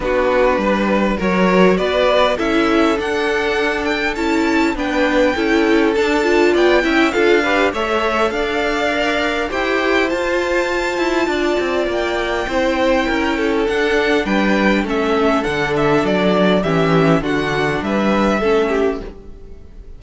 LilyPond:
<<
  \new Staff \with { instrumentName = "violin" } { \time 4/4 \tempo 4 = 101 b'2 cis''4 d''4 | e''4 fis''4. g''8 a''4 | g''2 a''4 g''4 | f''4 e''4 f''2 |
g''4 a''2. | g''2. fis''4 | g''4 e''4 fis''8 e''8 d''4 | e''4 fis''4 e''2 | }
  \new Staff \with { instrumentName = "violin" } { \time 4/4 fis'4 b'4 ais'4 b'4 | a'1 | b'4 a'2 d''8 e''8 | a'8 b'8 cis''4 d''2 |
c''2. d''4~ | d''4 c''4 ais'8 a'4. | b'4 a'2. | g'4 fis'4 b'4 a'8 g'8 | }
  \new Staff \with { instrumentName = "viola" } { \time 4/4 d'2 fis'2 | e'4 d'2 e'4 | d'4 e'4 d'8 f'4 e'8 | f'8 g'8 a'2 ais'4 |
g'4 f'2.~ | f'4 e'2 d'4~ | d'4 cis'4 d'2 | cis'4 d'2 cis'4 | }
  \new Staff \with { instrumentName = "cello" } { \time 4/4 b4 g4 fis4 b4 | cis'4 d'2 cis'4 | b4 cis'4 d'4 b8 cis'8 | d'4 a4 d'2 |
e'4 f'4. e'8 d'8 c'8 | ais4 c'4 cis'4 d'4 | g4 a4 d4 fis4 | e4 d4 g4 a4 | }
>>